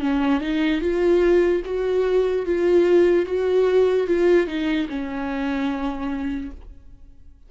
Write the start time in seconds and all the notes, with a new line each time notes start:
0.00 C#4
0.41 D#4
0.81 F4
1.65 F#4
2.45 F4
3.25 F#4
4.07 F4
4.47 D#4
4.89 C#4